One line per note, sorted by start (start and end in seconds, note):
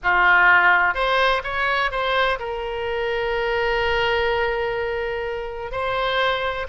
0.03 0.94 F4
0.94 1.42 C5
1.43 1.91 C#5
1.91 2.39 C5
2.39 5.71 A#4
5.71 6.67 C5